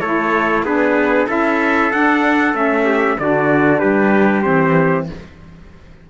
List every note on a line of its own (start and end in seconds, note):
0.00 0.62 A3
0.00 0.65 E4
0.00 0.64 A4
0.00 0.63 C#5
0.62 1.26 B3
0.62 1.28 D4
0.62 1.27 G#4
0.62 1.28 B4
1.27 1.92 C#4
1.27 1.91 E4
1.27 2.85 A4
1.27 1.92 E5
1.92 2.54 D4
1.92 2.53 D4
1.92 2.55 F#5
2.53 3.16 A3
2.53 3.17 C#4
2.53 3.18 E5
2.85 3.16 G4
3.18 3.82 D3
3.18 4.44 D4
3.18 3.79 F#4
3.18 3.79 D5
3.79 4.45 G3
3.79 5.06 G4
3.79 4.42 B4
4.42 5.09 E3
4.42 5.07 C4
4.42 5.05 C5